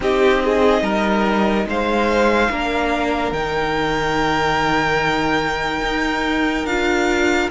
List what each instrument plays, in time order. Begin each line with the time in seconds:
0.00 cello C4, viola D#4, violin G4 D#5
0.43 violin G#4
0.82 cello G3, violin A#4
1.65 cello G#3, violin C5 F5
2.51 cello A#3, viola D4, violin A#4
3.31 cello D#3, viola D#4, violin G5
5.82 cello D#4
6.64 cello D4, viola F4, violin F5